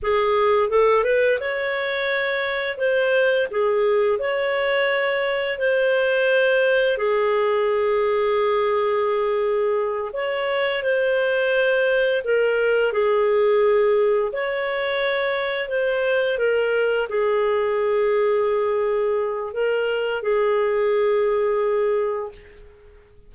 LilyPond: \new Staff \with { instrumentName = "clarinet" } { \time 4/4 \tempo 4 = 86 gis'4 a'8 b'8 cis''2 | c''4 gis'4 cis''2 | c''2 gis'2~ | gis'2~ gis'8 cis''4 c''8~ |
c''4. ais'4 gis'4.~ | gis'8 cis''2 c''4 ais'8~ | ais'8 gis'2.~ gis'8 | ais'4 gis'2. | }